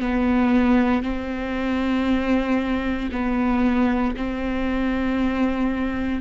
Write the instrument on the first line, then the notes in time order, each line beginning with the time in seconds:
viola
0.00 B3
1.03 C4
3.12 B3
4.17 C4